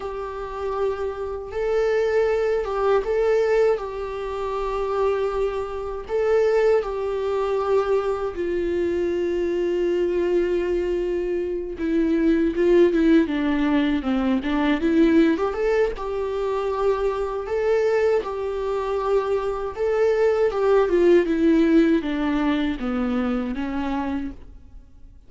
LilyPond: \new Staff \with { instrumentName = "viola" } { \time 4/4 \tempo 4 = 79 g'2 a'4. g'8 | a'4 g'2. | a'4 g'2 f'4~ | f'2.~ f'8 e'8~ |
e'8 f'8 e'8 d'4 c'8 d'8 e'8~ | e'16 g'16 a'8 g'2 a'4 | g'2 a'4 g'8 f'8 | e'4 d'4 b4 cis'4 | }